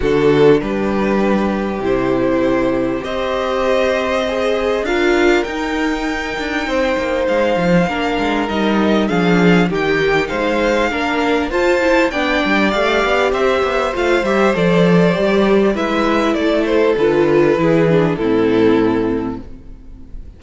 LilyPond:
<<
  \new Staff \with { instrumentName = "violin" } { \time 4/4 \tempo 4 = 99 a'4 b'2 c''4~ | c''4 dis''2. | f''4 g''2. | f''2 dis''4 f''4 |
g''4 f''2 a''4 | g''4 f''4 e''4 f''8 e''8 | d''2 e''4 d''8 c''8 | b'2 a'2 | }
  \new Staff \with { instrumentName = "violin" } { \time 4/4 fis'4 g'2.~ | g'4 c''2. | ais'2. c''4~ | c''4 ais'2 gis'4 |
g'4 c''4 ais'4 c''4 | d''2 c''2~ | c''2 b'4 a'4~ | a'4 gis'4 e'2 | }
  \new Staff \with { instrumentName = "viola" } { \time 4/4 d'2. e'4~ | e'4 g'2 gis'4 | f'4 dis'2.~ | dis'4 d'4 dis'4 d'4 |
dis'2 d'4 f'8 e'8 | d'4 g'2 f'8 g'8 | a'4 g'4 e'2 | f'4 e'8 d'8 c'2 | }
  \new Staff \with { instrumentName = "cello" } { \time 4/4 d4 g2 c4~ | c4 c'2. | d'4 dis'4. d'8 c'8 ais8 | gis8 f8 ais8 gis8 g4 f4 |
dis4 gis4 ais4 f'4 | b8 g8 a8 b8 c'8 b8 a8 g8 | f4 g4 gis4 a4 | d4 e4 a,2 | }
>>